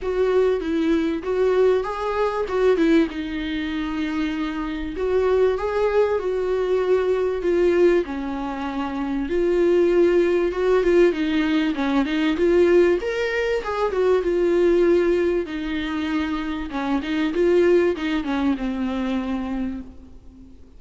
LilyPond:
\new Staff \with { instrumentName = "viola" } { \time 4/4 \tempo 4 = 97 fis'4 e'4 fis'4 gis'4 | fis'8 e'8 dis'2. | fis'4 gis'4 fis'2 | f'4 cis'2 f'4~ |
f'4 fis'8 f'8 dis'4 cis'8 dis'8 | f'4 ais'4 gis'8 fis'8 f'4~ | f'4 dis'2 cis'8 dis'8 | f'4 dis'8 cis'8 c'2 | }